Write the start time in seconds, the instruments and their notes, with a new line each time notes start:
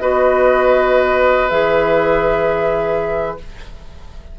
0.00 bassoon B3, clarinet F#4, oboe B4, flute D#5
1.50 bassoon E3, clarinet G#4, flute E5